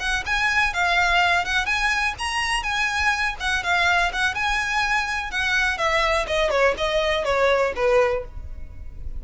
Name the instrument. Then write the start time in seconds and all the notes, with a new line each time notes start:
violin
0.00 F#5
0.26 G#5
0.74 F5
1.45 F#5
1.66 G#5
2.19 A#5
2.63 G#5
3.40 F#5
3.64 F5
4.13 F#5
4.35 G#5
5.31 F#5
5.78 E5
6.27 D#5
6.51 C#5
6.78 D#5
7.25 C#5
7.76 B4